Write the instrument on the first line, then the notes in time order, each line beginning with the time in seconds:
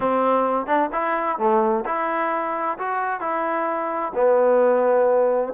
trombone
0.00 C4
0.66 D4
0.92 E4
1.38 A3
1.85 E4
2.78 F#4
3.20 E4
4.14 B3